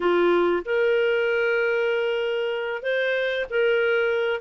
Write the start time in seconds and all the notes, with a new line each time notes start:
0.00 F4
0.65 A#4
2.82 C5
3.49 A#4